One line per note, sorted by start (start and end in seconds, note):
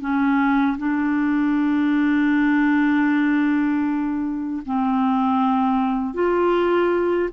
0.00 0.77 C#4
0.78 4.62 D4
4.65 6.14 C4
6.14 7.29 F4